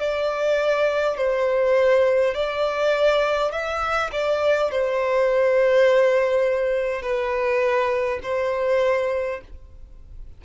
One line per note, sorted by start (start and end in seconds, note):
0.00 1.17 D5
1.17 2.35 C5
2.35 3.52 D5
3.52 4.11 E5
4.12 4.71 D5
4.71 7.02 C5
7.02 8.20 B4
8.23 9.41 C5